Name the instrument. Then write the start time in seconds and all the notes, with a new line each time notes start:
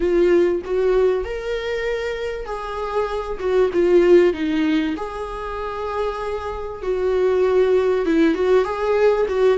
viola
0.00 F4
0.64 F#4
1.24 A#4
2.45 G#4
3.39 F#4
3.73 F4
4.33 D#4
4.97 G#4
6.82 F#4
8.05 E4
8.34 F#4
8.64 G#4
9.28 F#4